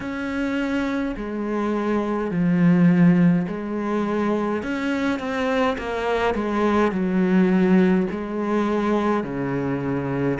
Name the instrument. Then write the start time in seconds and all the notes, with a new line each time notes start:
cello
0.00 C#4
1.16 G#3
2.31 F3
3.47 G#3
4.62 C#4
5.19 C4
5.77 A#3
6.34 G#3
6.91 F#3
8.11 G#3
9.23 C#3